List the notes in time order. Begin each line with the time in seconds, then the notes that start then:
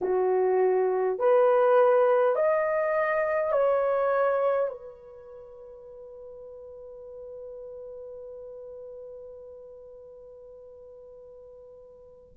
0.01 F#4
1.18 B4
2.35 D#5
3.52 C#5
4.69 B4